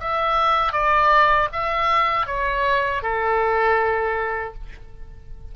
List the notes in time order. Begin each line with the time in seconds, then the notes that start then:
0.00 E5
0.73 D5
1.53 E5
2.27 C#5
3.02 A4